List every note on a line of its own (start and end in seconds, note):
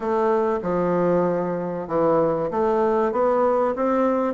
0.00 0.59 A3
0.62 1.87 F3
1.87 2.50 E3
2.50 3.12 A3
3.12 3.74 B3
3.75 4.34 C4